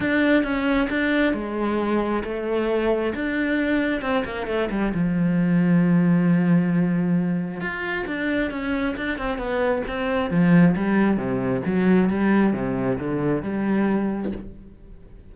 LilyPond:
\new Staff \with { instrumentName = "cello" } { \time 4/4 \tempo 4 = 134 d'4 cis'4 d'4 gis4~ | gis4 a2 d'4~ | d'4 c'8 ais8 a8 g8 f4~ | f1~ |
f4 f'4 d'4 cis'4 | d'8 c'8 b4 c'4 f4 | g4 c4 fis4 g4 | c4 d4 g2 | }